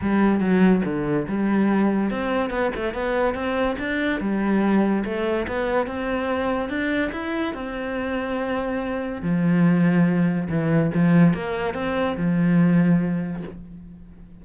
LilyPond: \new Staff \with { instrumentName = "cello" } { \time 4/4 \tempo 4 = 143 g4 fis4 d4 g4~ | g4 c'4 b8 a8 b4 | c'4 d'4 g2 | a4 b4 c'2 |
d'4 e'4 c'2~ | c'2 f2~ | f4 e4 f4 ais4 | c'4 f2. | }